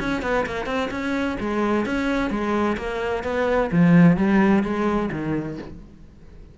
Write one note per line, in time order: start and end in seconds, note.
0.00 0.22 C#4
0.22 0.46 B3
0.46 0.66 A#3
0.66 0.90 C4
0.91 1.38 C#4
1.40 1.86 G#3
1.86 2.30 C#4
2.30 2.77 G#3
2.78 3.24 A#3
3.24 3.71 B3
3.72 4.17 F3
4.17 4.63 G3
4.64 5.10 G#3
5.12 5.58 D#3